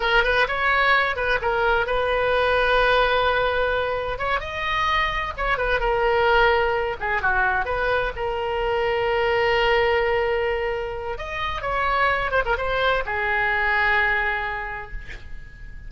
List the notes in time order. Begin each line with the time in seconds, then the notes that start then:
0.00 A#4
0.23 B4
0.47 C#5
1.15 B4
1.41 A#4
1.86 B4
4.18 C#5
4.40 D#5
5.37 C#5
5.57 B4
5.79 A#4
7.00 G#4
7.21 F#4
7.65 B4
8.15 A#4
11.18 D#5
11.61 C#5
12.31 C5
12.45 A#4
12.57 C5
13.05 G#4